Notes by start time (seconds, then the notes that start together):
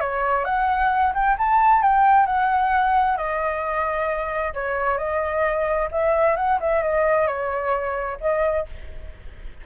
0.00 C#5
0.44 F#5
1.14 G5
1.38 A5
1.82 G5
2.26 F#5
3.17 D#5
4.54 C#5
4.98 D#5
5.91 E5
6.36 F#5
6.60 E5
6.82 D#5
7.27 C#5
8.21 D#5